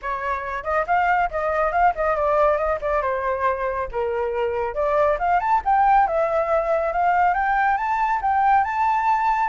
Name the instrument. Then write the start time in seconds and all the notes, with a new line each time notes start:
flute
0.02 C#5
0.63 D#5
0.86 F5
1.31 D#5
1.72 F5
1.95 D#5
2.15 D5
2.57 D#5
2.81 D5
3.02 C5
3.91 A#4
4.74 D5
5.19 F5
5.40 A5
5.64 G5
6.07 E5
6.92 F5
7.34 G5
7.77 A5
8.21 G5
8.64 A5